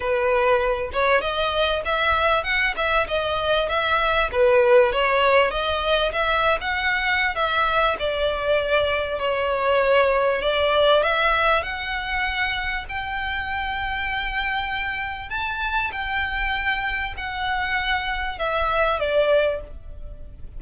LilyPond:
\new Staff \with { instrumentName = "violin" } { \time 4/4 \tempo 4 = 98 b'4. cis''8 dis''4 e''4 | fis''8 e''8 dis''4 e''4 b'4 | cis''4 dis''4 e''8. fis''4~ fis''16 | e''4 d''2 cis''4~ |
cis''4 d''4 e''4 fis''4~ | fis''4 g''2.~ | g''4 a''4 g''2 | fis''2 e''4 d''4 | }